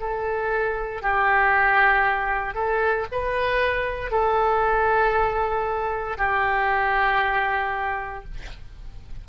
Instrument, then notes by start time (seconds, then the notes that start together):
oboe
0.00 A4
1.02 G4
2.54 A4
3.11 B4
4.11 A4
6.17 G4